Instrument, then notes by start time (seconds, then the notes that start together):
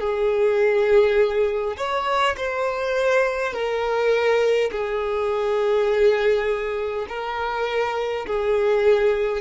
violin
0.00 G#4
1.77 C#5
2.37 C5
3.53 A#4
4.71 G#4
7.09 A#4
8.26 G#4